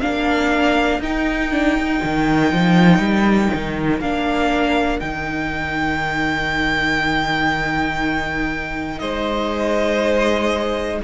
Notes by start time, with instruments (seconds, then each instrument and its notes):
0.00 cello A#3, viola D4, violin A#4 F5
0.99 cello D#4, viola D#4, violin G5
1.52 viola D4
1.79 viola D#4
2.04 cello D#3
2.53 cello F3
2.99 cello G3
3.54 cello D#3
4.00 cello A#3, viola D4, violin F5
5.00 cello D#3, viola D#4, violin G5
8.99 cello G#3, violin C5 D#5